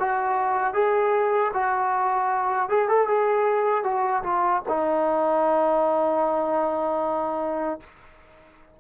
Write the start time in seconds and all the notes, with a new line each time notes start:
0.00 F#4
0.74 G#4
1.54 F#4
2.70 G#4
2.89 A4
3.08 G#4
3.84 F#4
4.24 F4
4.69 D#4